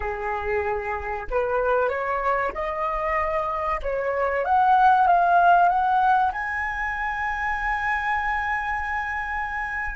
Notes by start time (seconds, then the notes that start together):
0.00 G#4
1.30 B4
1.89 C#5
2.54 D#5
3.82 C#5
4.44 F#5
5.07 F5
5.68 F#5
6.32 G#5